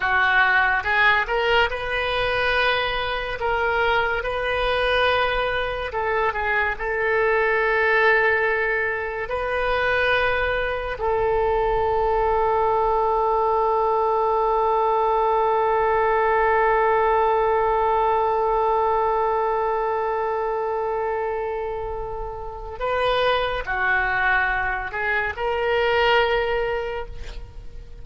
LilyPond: \new Staff \with { instrumentName = "oboe" } { \time 4/4 \tempo 4 = 71 fis'4 gis'8 ais'8 b'2 | ais'4 b'2 a'8 gis'8 | a'2. b'4~ | b'4 a'2.~ |
a'1~ | a'1~ | a'2. b'4 | fis'4. gis'8 ais'2 | }